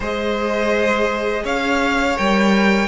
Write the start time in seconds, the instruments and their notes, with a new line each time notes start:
0.00 cello G#3, viola G#4, violin C5 D#5
1.43 cello C#4, violin C#5 F5
2.17 cello G3, viola A#4, violin G5